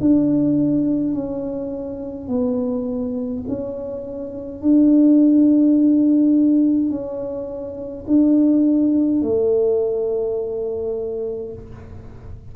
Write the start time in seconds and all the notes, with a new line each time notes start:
0.00 D4
1.13 C#4
2.28 B3
3.48 C#4
4.61 D4
6.90 C#4
8.07 D4
9.22 A3